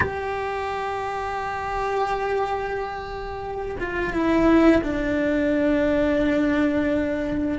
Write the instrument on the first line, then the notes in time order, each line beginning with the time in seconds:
cello
0.00 G4
3.80 F4
4.13 E4
4.83 D4